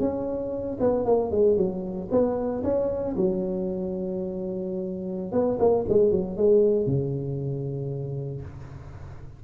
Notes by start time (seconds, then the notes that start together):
0.00 C#4
0.80 B3
1.05 A#3
1.31 G#3
1.57 F#3
2.11 B3
2.64 C#4
3.16 F#3
5.32 B3
5.59 A#3
5.89 G#3
6.11 F#3
6.37 G#3
6.87 C#3